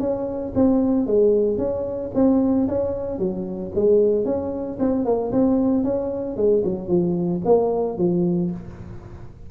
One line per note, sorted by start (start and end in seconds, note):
0.00 0.53 C#4
0.55 1.07 C4
1.07 1.58 G#3
1.58 2.11 C#4
2.15 2.68 C4
2.68 3.19 C#4
3.19 3.72 F#3
3.75 4.25 G#3
4.25 4.78 C#4
4.80 5.05 C4
5.05 5.32 A#3
5.32 5.84 C4
5.84 6.37 C#4
6.37 6.63 G#3
6.64 6.89 F#3
6.89 7.42 F3
7.45 7.98 A#3
7.98 8.51 F3